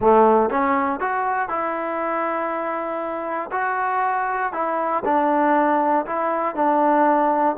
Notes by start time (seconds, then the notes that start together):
0.00 A3
0.50 C#4
1.00 F#4
1.49 E4
3.51 F#4
4.52 E4
5.04 D4
6.05 E4
6.55 D4